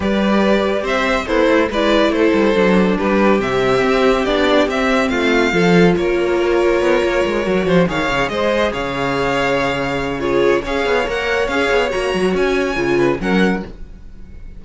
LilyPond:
<<
  \new Staff \with { instrumentName = "violin" } { \time 4/4 \tempo 4 = 141 d''2 e''4 c''4 | d''4 c''2 b'4 | e''2 d''4 e''4 | f''2 cis''2~ |
cis''2~ cis''8 f''4 dis''8~ | dis''8 f''2.~ f''8 | cis''4 f''4 fis''4 f''4 | ais''4 gis''2 fis''4 | }
  \new Staff \with { instrumentName = "violin" } { \time 4/4 b'2 c''4 e'4 | b'4 a'2 g'4~ | g'1 | f'4 a'4 ais'2~ |
ais'2 c''8 cis''4 c''8~ | c''8 cis''2.~ cis''8 | gis'4 cis''2.~ | cis''2~ cis''8 b'8 ais'4 | }
  \new Staff \with { instrumentName = "viola" } { \time 4/4 g'2. a'4 | e'2 d'2 | c'2 d'4 c'4~ | c'4 f'2.~ |
f'4. fis'4 gis'4.~ | gis'1 | f'4 gis'4 ais'4 gis'4 | fis'2 f'4 cis'4 | }
  \new Staff \with { instrumentName = "cello" } { \time 4/4 g2 c'4 b8 a8 | gis4 a8 g8 fis4 g4 | c4 c'4 b4 c'4 | a4 f4 ais2 |
b8 ais8 gis8 fis8 f8 dis8 cis8 gis8~ | gis8 cis2.~ cis8~ | cis4 cis'8 b8 ais4 cis'8 b8 | ais8 fis8 cis'4 cis4 fis4 | }
>>